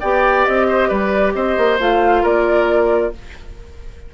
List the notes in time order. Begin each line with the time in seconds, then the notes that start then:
0.00 B3 G4 D5 G5
0.45 C4 D#5
0.68 C5
0.88 G3 B4 D5
1.34 C4 C5 D#5
1.57 A#3
1.79 A3 F4 F5
2.23 A#3 A#4 D5